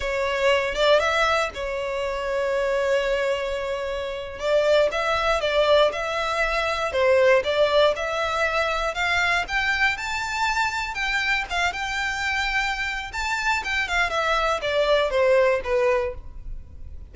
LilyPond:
\new Staff \with { instrumentName = "violin" } { \time 4/4 \tempo 4 = 119 cis''4. d''8 e''4 cis''4~ | cis''1~ | cis''8. d''4 e''4 d''4 e''16~ | e''4.~ e''16 c''4 d''4 e''16~ |
e''4.~ e''16 f''4 g''4 a''16~ | a''4.~ a''16 g''4 f''8 g''8.~ | g''2 a''4 g''8 f''8 | e''4 d''4 c''4 b'4 | }